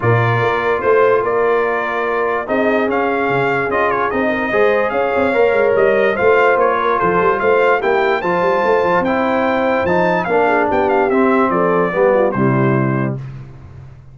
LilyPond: <<
  \new Staff \with { instrumentName = "trumpet" } { \time 4/4 \tempo 4 = 146 d''2 c''4 d''4~ | d''2 dis''4 f''4~ | f''4 dis''8 cis''8 dis''2 | f''2 dis''4 f''4 |
cis''4 c''4 f''4 g''4 | a''2 g''2 | a''4 f''4 g''8 f''8 e''4 | d''2 c''2 | }
  \new Staff \with { instrumentName = "horn" } { \time 4/4 ais'2 c''4 ais'4~ | ais'2 gis'2~ | gis'2~ gis'8 ais'8 c''4 | cis''2. c''4~ |
c''8 ais'8 a'4 c''4 g'4 | c''1~ | c''4 ais'8 gis'8 g'2 | a'4 g'8 f'8 e'2 | }
  \new Staff \with { instrumentName = "trombone" } { \time 4/4 f'1~ | f'2 dis'4 cis'4~ | cis'4 f'4 dis'4 gis'4~ | gis'4 ais'2 f'4~ |
f'2. e'4 | f'2 e'2 | dis'4 d'2 c'4~ | c'4 b4 g2 | }
  \new Staff \with { instrumentName = "tuba" } { \time 4/4 ais,4 ais4 a4 ais4~ | ais2 c'4 cis'4 | cis4 cis'4 c'4 gis4 | cis'8 c'8 ais8 gis8 g4 a4 |
ais4 f8 g8 a4 ais4 | f8 g8 a8 f8 c'2 | f4 ais4 b4 c'4 | f4 g4 c2 | }
>>